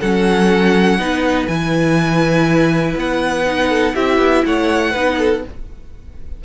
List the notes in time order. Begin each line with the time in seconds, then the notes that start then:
0.00 F#3 C#4 A4 F#5
0.98 B3 D#4 B4
1.47 E3 E4 G#5
2.96 B3 F#5
3.46 D#4
3.69 A4
3.95 C4 E4 G4 E5
4.18 B3
4.46 A3 C#5 F#5
4.91 B3 D#4 B4
5.18 A4